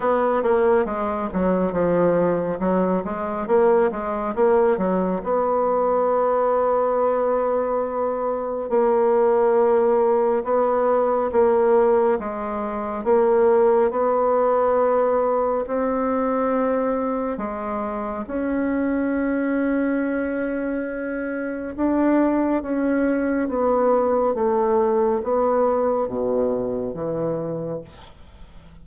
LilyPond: \new Staff \with { instrumentName = "bassoon" } { \time 4/4 \tempo 4 = 69 b8 ais8 gis8 fis8 f4 fis8 gis8 | ais8 gis8 ais8 fis8 b2~ | b2 ais2 | b4 ais4 gis4 ais4 |
b2 c'2 | gis4 cis'2.~ | cis'4 d'4 cis'4 b4 | a4 b4 b,4 e4 | }